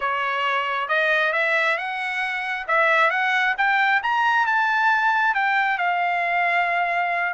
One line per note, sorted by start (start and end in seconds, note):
0.00 0.88 C#5
0.88 1.32 D#5
1.33 1.77 E5
1.77 2.66 F#5
2.67 3.10 E5
3.10 3.54 F#5
3.57 4.02 G5
4.02 4.46 A#5
4.46 5.34 A5
5.34 5.78 G5
5.78 7.33 F5